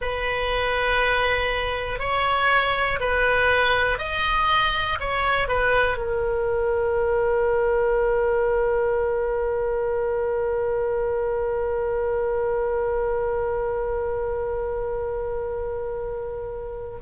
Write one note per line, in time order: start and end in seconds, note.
0.01 1.99 B4
1.99 2.99 C#5
3.00 3.98 B4
3.98 4.98 D#5
5.00 5.47 C#5
5.47 5.97 B4
5.97 16.97 A#4